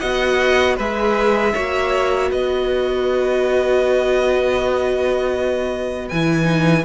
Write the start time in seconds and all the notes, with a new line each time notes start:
0.00 B3 F#4 D#5 F#5
0.76 G#3 G#4 B4 E5
1.55 A#3 F#4 C#5
2.31 B3 B4 D#5
6.09 E3 E4 G#5
6.44 D#4